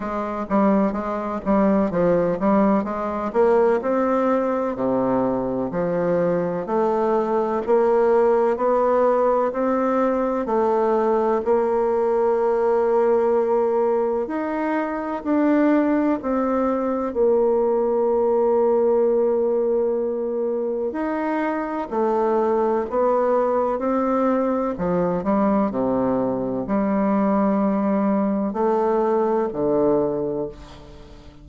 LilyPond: \new Staff \with { instrumentName = "bassoon" } { \time 4/4 \tempo 4 = 63 gis8 g8 gis8 g8 f8 g8 gis8 ais8 | c'4 c4 f4 a4 | ais4 b4 c'4 a4 | ais2. dis'4 |
d'4 c'4 ais2~ | ais2 dis'4 a4 | b4 c'4 f8 g8 c4 | g2 a4 d4 | }